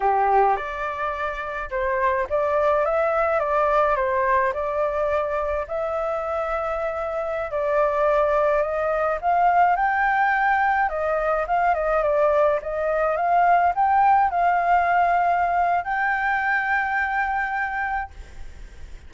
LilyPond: \new Staff \with { instrumentName = "flute" } { \time 4/4 \tempo 4 = 106 g'4 d''2 c''4 | d''4 e''4 d''4 c''4 | d''2 e''2~ | e''4~ e''16 d''2 dis''8.~ |
dis''16 f''4 g''2 dis''8.~ | dis''16 f''8 dis''8 d''4 dis''4 f''8.~ | f''16 g''4 f''2~ f''8. | g''1 | }